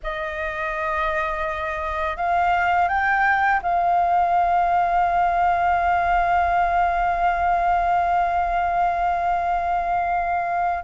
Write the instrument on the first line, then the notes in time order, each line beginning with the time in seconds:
flute
0.03 D#5
2.16 F5
2.88 G5
3.62 F5